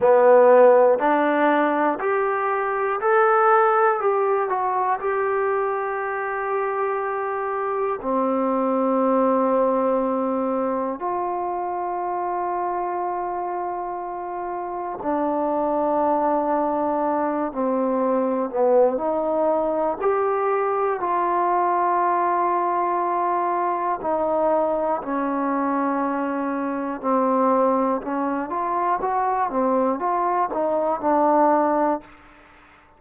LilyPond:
\new Staff \with { instrumentName = "trombone" } { \time 4/4 \tempo 4 = 60 b4 d'4 g'4 a'4 | g'8 fis'8 g'2. | c'2. f'4~ | f'2. d'4~ |
d'4. c'4 b8 dis'4 | g'4 f'2. | dis'4 cis'2 c'4 | cis'8 f'8 fis'8 c'8 f'8 dis'8 d'4 | }